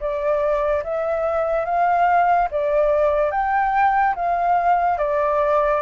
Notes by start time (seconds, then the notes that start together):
0.00 D5
0.84 E5
1.65 F5
2.51 D5
3.31 G5
4.16 F5
4.98 D5